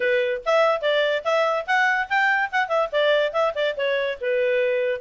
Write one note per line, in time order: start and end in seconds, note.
0.00 0.41 B4
0.45 0.81 E5
0.81 1.23 D5
1.24 1.66 E5
1.66 2.08 F#5
2.09 2.50 G5
2.51 2.68 F#5
2.68 2.89 E5
2.92 3.32 D5
3.32 3.53 E5
3.54 3.75 D5
3.76 4.18 C#5
4.20 5.01 B4